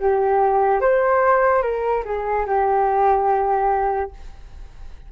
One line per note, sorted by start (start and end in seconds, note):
0.00 0.81 G4
0.81 1.63 C5
1.63 2.04 A#4
2.05 2.47 G#4
2.47 4.11 G4